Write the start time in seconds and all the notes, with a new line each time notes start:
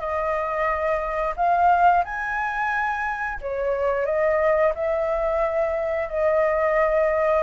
0.00 D#5
1.37 F5
2.05 G#5
3.42 C#5
4.06 D#5
4.75 E5
6.09 D#5